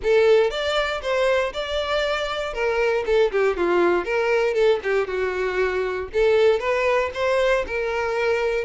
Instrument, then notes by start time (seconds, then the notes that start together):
violin
0.03 A4
0.50 D5
1.02 C5
1.53 D5
2.53 A#4
3.06 A4
3.31 G4
3.56 F4
4.04 A#4
4.54 A4
4.83 G4
5.07 F#4
6.13 A4
6.59 B4
7.14 C5
7.66 A#4